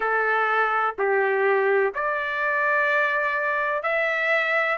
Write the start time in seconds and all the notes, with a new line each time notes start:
0.00 A4
0.98 G4
1.94 D5
3.82 E5